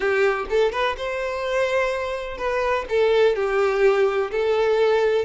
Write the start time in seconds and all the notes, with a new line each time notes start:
0.00 G4
0.49 A4
0.72 B4
0.97 C5
2.37 B4
2.89 A4
3.35 G4
4.31 A4